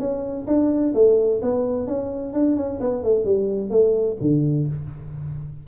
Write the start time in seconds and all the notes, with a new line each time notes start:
0.00 C#4
0.47 D4
0.95 A3
1.42 B3
1.88 C#4
2.33 D4
2.57 C#4
2.80 B3
3.04 A3
3.25 G3
3.71 A3
4.21 D3